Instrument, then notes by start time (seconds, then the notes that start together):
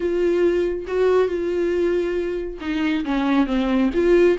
viola
0.00 F4
0.87 F#4
1.28 F4
2.61 D#4
3.05 C#4
3.46 C4
3.93 F4